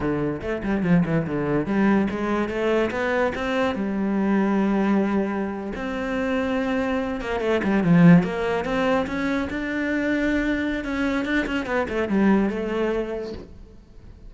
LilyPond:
\new Staff \with { instrumentName = "cello" } { \time 4/4 \tempo 4 = 144 d4 a8 g8 f8 e8 d4 | g4 gis4 a4 b4 | c'4 g2.~ | g4.~ g16 c'2~ c'16~ |
c'4~ c'16 ais8 a8 g8 f4 ais16~ | ais8. c'4 cis'4 d'4~ d'16~ | d'2 cis'4 d'8 cis'8 | b8 a8 g4 a2 | }